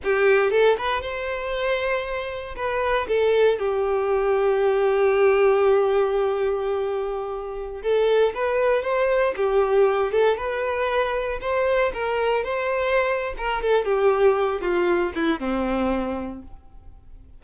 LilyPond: \new Staff \with { instrumentName = "violin" } { \time 4/4 \tempo 4 = 117 g'4 a'8 b'8 c''2~ | c''4 b'4 a'4 g'4~ | g'1~ | g'2.~ g'16 a'8.~ |
a'16 b'4 c''4 g'4. a'16~ | a'16 b'2 c''4 ais'8.~ | ais'16 c''4.~ c''16 ais'8 a'8 g'4~ | g'8 f'4 e'8 c'2 | }